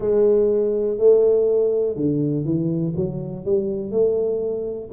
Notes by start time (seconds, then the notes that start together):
0.00 G#3
0.98 A3
1.96 D3
2.45 E3
2.96 F#3
3.45 G3
3.91 A3